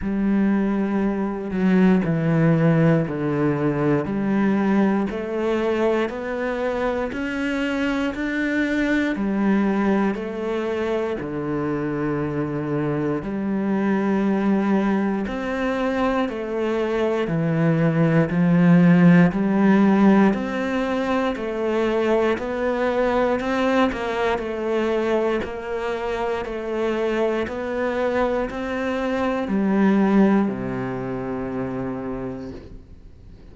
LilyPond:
\new Staff \with { instrumentName = "cello" } { \time 4/4 \tempo 4 = 59 g4. fis8 e4 d4 | g4 a4 b4 cis'4 | d'4 g4 a4 d4~ | d4 g2 c'4 |
a4 e4 f4 g4 | c'4 a4 b4 c'8 ais8 | a4 ais4 a4 b4 | c'4 g4 c2 | }